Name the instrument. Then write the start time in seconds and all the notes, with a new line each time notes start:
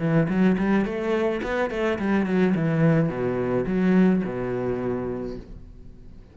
cello
0.00 E3
0.29 F#3
0.59 G3
0.86 A3
1.43 B3
1.71 A3
1.99 G3
2.27 F#3
2.55 E3
3.10 B2
3.67 F#3
4.25 B2